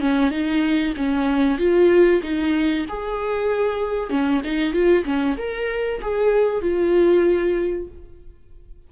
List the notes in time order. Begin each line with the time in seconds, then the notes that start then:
0.00 C#4
0.30 D#4
0.96 C#4
1.58 F4
2.22 D#4
2.89 G#4
4.10 C#4
4.44 D#4
4.73 F4
5.04 C#4
5.37 A#4
6.01 G#4
6.61 F4